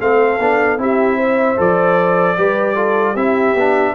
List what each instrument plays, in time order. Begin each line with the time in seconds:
0.00 tuba A3, trombone C4, horn A4, trumpet F5
0.39 tuba B3, trombone D4
0.77 tuba C4, trombone E4, horn G4, trumpet E5
1.17 horn C5
1.57 tuba F3, trombone A4, trumpet D5
2.37 tuba G3, trombone G4, horn B4
2.75 trombone F4, horn A4
3.13 tuba C4, trombone E4, horn G4, trumpet E5
3.54 tuba B3, trombone D4